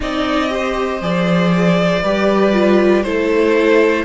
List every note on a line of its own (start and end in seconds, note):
0.00 1.01 C4
0.00 0.49 D#4
0.00 0.51 D5
0.00 1.03 D#5
0.49 1.00 G4
0.49 2.02 C5
1.01 2.02 F3
1.01 2.03 G#4
1.01 3.03 D5
2.02 3.04 G3
2.02 2.53 G4
2.02 3.04 B4
2.53 3.03 F4
3.03 4.04 A3
3.03 4.04 E4
3.03 4.04 A4
3.03 4.04 C5